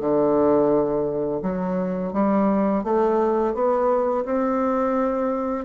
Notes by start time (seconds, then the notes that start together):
0.00 D3
1.42 F#3
2.13 G3
2.84 A3
3.54 B3
4.24 C4